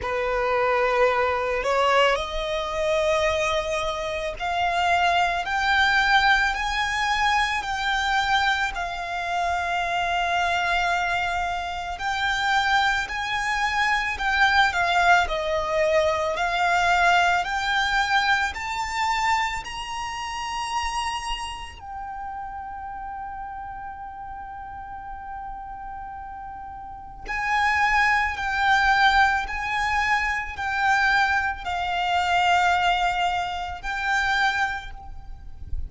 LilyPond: \new Staff \with { instrumentName = "violin" } { \time 4/4 \tempo 4 = 55 b'4. cis''8 dis''2 | f''4 g''4 gis''4 g''4 | f''2. g''4 | gis''4 g''8 f''8 dis''4 f''4 |
g''4 a''4 ais''2 | g''1~ | g''4 gis''4 g''4 gis''4 | g''4 f''2 g''4 | }